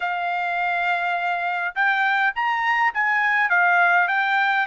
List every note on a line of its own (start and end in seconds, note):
0.00 1.74 F5
1.75 2.33 G5
2.35 2.93 A#5
2.93 3.50 G#5
3.50 4.08 F5
4.08 4.66 G5